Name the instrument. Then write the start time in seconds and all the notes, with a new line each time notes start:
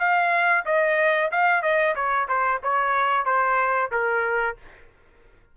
trumpet
0.00 F5
0.66 D#5
1.32 F5
1.63 D#5
1.96 C#5
2.29 C5
2.64 C#5
3.26 C5
3.92 A#4